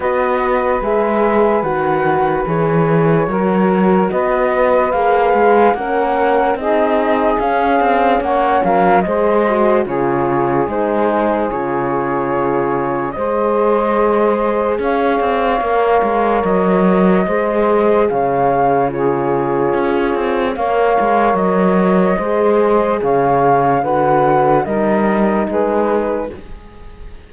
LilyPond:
<<
  \new Staff \with { instrumentName = "flute" } { \time 4/4 \tempo 4 = 73 dis''4 e''4 fis''4 cis''4~ | cis''4 dis''4 f''4 fis''4 | dis''4 f''4 fis''8 f''8 dis''4 | cis''4 c''4 cis''2 |
dis''2 f''2 | dis''2 f''4 cis''4~ | cis''4 f''4 dis''2 | f''4 fis''4 dis''4 b'4 | }
  \new Staff \with { instrumentName = "saxophone" } { \time 4/4 b'1 | ais'4 b'2 ais'4 | gis'2 cis''8 ais'8 c''4 | gis'1 |
c''2 cis''2~ | cis''4 c''4 cis''4 gis'4~ | gis'4 cis''2 c''4 | cis''4 b'4 ais'4 gis'4 | }
  \new Staff \with { instrumentName = "horn" } { \time 4/4 fis'4 gis'4 fis'4 gis'4 | fis'2 gis'4 cis'4 | dis'4 cis'2 gis'8 fis'8 | f'4 dis'4 f'2 |
gis'2. ais'4~ | ais'4 gis'2 f'4~ | f'4 ais'2 gis'4~ | gis'4 fis'4 dis'2 | }
  \new Staff \with { instrumentName = "cello" } { \time 4/4 b4 gis4 dis4 e4 | fis4 b4 ais8 gis8 ais4 | c'4 cis'8 c'8 ais8 fis8 gis4 | cis4 gis4 cis2 |
gis2 cis'8 c'8 ais8 gis8 | fis4 gis4 cis2 | cis'8 c'8 ais8 gis8 fis4 gis4 | cis4 d4 g4 gis4 | }
>>